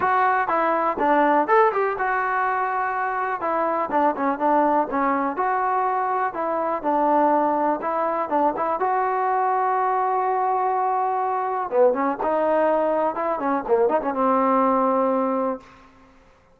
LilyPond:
\new Staff \with { instrumentName = "trombone" } { \time 4/4 \tempo 4 = 123 fis'4 e'4 d'4 a'8 g'8 | fis'2. e'4 | d'8 cis'8 d'4 cis'4 fis'4~ | fis'4 e'4 d'2 |
e'4 d'8 e'8 fis'2~ | fis'1 | b8 cis'8 dis'2 e'8 cis'8 | ais8 dis'16 cis'16 c'2. | }